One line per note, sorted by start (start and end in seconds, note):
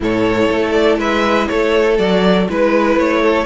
0.00 0.50 A2
0.00 1.97 E4
0.00 0.98 A4
0.00 0.71 C#5
0.50 0.98 A3
0.71 0.96 D5
0.98 1.48 G#3
0.98 1.48 B4
0.98 1.48 E5
1.48 1.98 A3
1.48 2.49 A4
1.48 1.97 C#5
1.98 2.48 F#3
1.98 2.48 F#4
1.98 2.47 D5
2.49 2.96 G#3
2.49 3.45 E4
2.49 2.98 B4
2.49 3.21 B4
2.96 3.45 A3
2.96 3.45 C#5
3.21 3.45 A4